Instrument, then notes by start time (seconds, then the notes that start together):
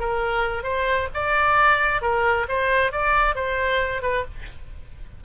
oboe
0.00 A#4
0.64 C5
1.14 D5
2.02 A#4
2.49 C5
2.92 D5
3.35 C5
4.02 B4